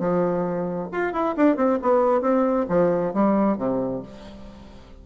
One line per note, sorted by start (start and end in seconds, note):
0.00 0.90 F3
0.92 1.13 F4
1.13 1.36 E4
1.37 1.57 D4
1.57 1.79 C4
1.82 2.22 B3
2.22 2.66 C4
2.69 3.14 F3
3.14 3.58 G3
3.58 4.03 C3